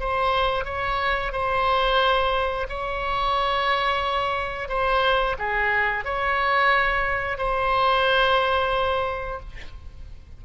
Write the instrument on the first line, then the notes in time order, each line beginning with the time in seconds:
oboe
0.00 C5
0.65 C#5
1.32 C5
2.69 C#5
4.69 C5
5.39 G#4
6.05 C#5
7.38 C5